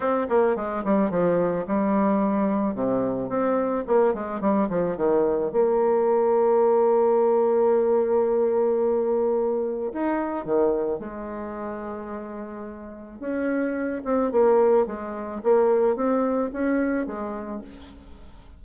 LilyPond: \new Staff \with { instrumentName = "bassoon" } { \time 4/4 \tempo 4 = 109 c'8 ais8 gis8 g8 f4 g4~ | g4 c4 c'4 ais8 gis8 | g8 f8 dis4 ais2~ | ais1~ |
ais2 dis'4 dis4 | gis1 | cis'4. c'8 ais4 gis4 | ais4 c'4 cis'4 gis4 | }